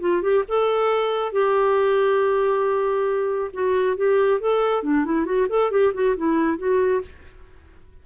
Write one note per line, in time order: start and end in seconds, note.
0.00 0.22 F4
0.22 0.44 G4
0.48 1.32 A4
1.32 3.51 G4
3.53 3.96 F#4
3.96 4.40 G4
4.40 4.83 A4
4.83 5.04 D4
5.04 5.25 E4
5.25 5.47 F#4
5.49 5.71 A4
5.71 5.92 G4
5.93 6.15 F#4
6.16 6.57 E4
6.57 7.01 F#4